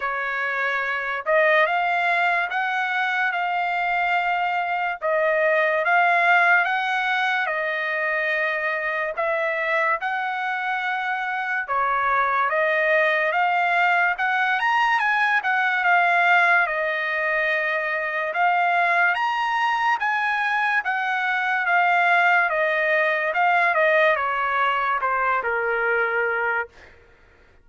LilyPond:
\new Staff \with { instrumentName = "trumpet" } { \time 4/4 \tempo 4 = 72 cis''4. dis''8 f''4 fis''4 | f''2 dis''4 f''4 | fis''4 dis''2 e''4 | fis''2 cis''4 dis''4 |
f''4 fis''8 ais''8 gis''8 fis''8 f''4 | dis''2 f''4 ais''4 | gis''4 fis''4 f''4 dis''4 | f''8 dis''8 cis''4 c''8 ais'4. | }